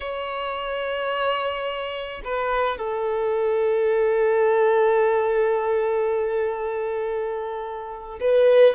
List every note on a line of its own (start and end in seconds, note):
0.00 2.21 C#5
2.24 2.77 B4
2.77 8.19 A4
8.20 8.74 B4